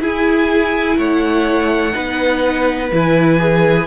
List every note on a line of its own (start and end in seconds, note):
0.00 0.97 E4
0.00 1.92 E4
0.00 0.98 G#4
0.00 0.98 G#5
0.98 1.95 A3
0.98 1.95 C#5
0.98 2.92 F#5
1.92 2.92 B3
1.92 2.89 D#4
1.92 3.86 B4
2.92 3.86 E3
2.92 3.39 E4
2.92 3.86 G#5
3.39 3.86 G#4